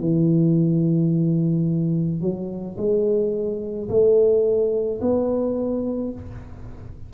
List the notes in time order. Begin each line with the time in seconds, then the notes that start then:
0.00 E3
2.21 F#3
2.78 G#3
3.89 A3
5.01 B3